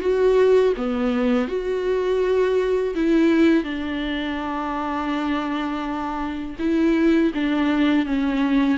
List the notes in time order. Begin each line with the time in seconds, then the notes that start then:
0.00 F#4
0.76 B3
1.47 F#4
2.95 E4
3.64 D4
6.59 E4
7.34 D4
8.06 C#4